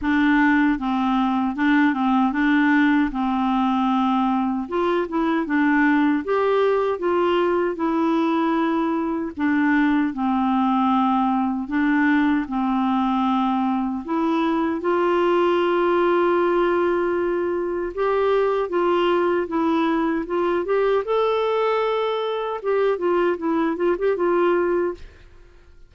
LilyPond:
\new Staff \with { instrumentName = "clarinet" } { \time 4/4 \tempo 4 = 77 d'4 c'4 d'8 c'8 d'4 | c'2 f'8 e'8 d'4 | g'4 f'4 e'2 | d'4 c'2 d'4 |
c'2 e'4 f'4~ | f'2. g'4 | f'4 e'4 f'8 g'8 a'4~ | a'4 g'8 f'8 e'8 f'16 g'16 f'4 | }